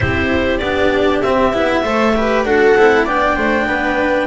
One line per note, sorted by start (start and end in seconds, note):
0.00 0.60 C4
0.00 0.60 E4
0.00 1.83 G4
0.00 0.58 C5
0.58 1.21 B3
0.58 1.23 D4
0.58 1.19 D5
1.21 1.53 C4
1.21 1.54 C4
1.21 2.44 E5
1.53 1.83 B3
1.53 1.84 E4
1.83 2.44 A3
1.83 2.15 A4
1.83 2.13 C5
2.16 2.46 G4
2.16 2.45 B4
2.44 2.75 D4
2.44 2.77 F#4
2.44 3.05 A4
2.44 3.06 F#5
2.76 3.05 C4
2.76 3.07 E4
3.05 3.36 B3
3.05 4.27 D4
3.05 3.35 D5
3.05 4.27 G5
3.35 3.66 A3
3.35 3.66 C5
3.66 4.27 B3
3.66 4.27 B4